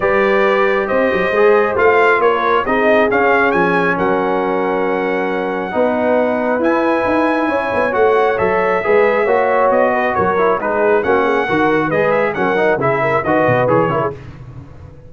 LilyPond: <<
  \new Staff \with { instrumentName = "trumpet" } { \time 4/4 \tempo 4 = 136 d''2 dis''2 | f''4 cis''4 dis''4 f''4 | gis''4 fis''2.~ | fis''2. gis''4~ |
gis''2 fis''4 e''4~ | e''2 dis''4 cis''4 | b'4 fis''2 dis''8 e''8 | fis''4 e''4 dis''4 cis''4 | }
  \new Staff \with { instrumentName = "horn" } { \time 4/4 b'2 c''2~ | c''4 ais'4 gis'2~ | gis'4 ais'2.~ | ais'4 b'2.~ |
b'4 cis''2. | b'4 cis''4. b'8 ais'4 | gis'4 fis'8 gis'8 ais'4 b'4 | ais'4 gis'8 ais'8 b'4. ais'16 gis'16 | }
  \new Staff \with { instrumentName = "trombone" } { \time 4/4 g'2. gis'4 | f'2 dis'4 cis'4~ | cis'1~ | cis'4 dis'2 e'4~ |
e'2 fis'4 a'4 | gis'4 fis'2~ fis'8 e'8 | dis'4 cis'4 fis'4 gis'4 | cis'8 dis'8 e'4 fis'4 gis'8 e'8 | }
  \new Staff \with { instrumentName = "tuba" } { \time 4/4 g2 c'8 fis8 gis4 | a4 ais4 c'4 cis'4 | f4 fis2.~ | fis4 b2 e'4 |
dis'4 cis'8 b8 a4 fis4 | gis4 ais4 b4 fis4 | gis4 ais4 dis4 gis4 | fis4 cis4 dis8 b,8 e8 cis8 | }
>>